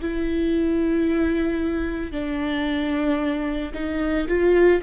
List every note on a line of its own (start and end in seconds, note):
0.00 2.11 E4
2.11 3.72 D4
3.74 4.27 D#4
4.28 4.81 F4